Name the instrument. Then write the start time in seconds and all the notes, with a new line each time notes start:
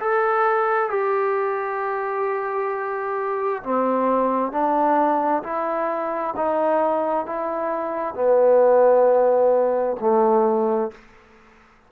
trombone
0.00 A4
0.90 G4
3.64 C4
4.52 D4
5.43 E4
6.36 D#4
7.26 E4
8.15 B3
10.01 A3